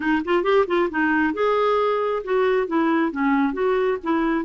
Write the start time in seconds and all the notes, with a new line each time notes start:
0.00 D#4
0.24 F4
0.43 G4
0.67 F4
0.90 D#4
1.33 G#4
2.24 F#4
2.67 E4
3.11 C#4
3.53 F#4
4.03 E4